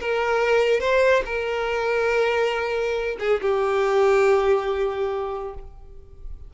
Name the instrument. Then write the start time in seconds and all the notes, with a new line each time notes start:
violin
0.00 A#4
0.80 C5
1.25 A#4
3.19 G#4
3.41 G4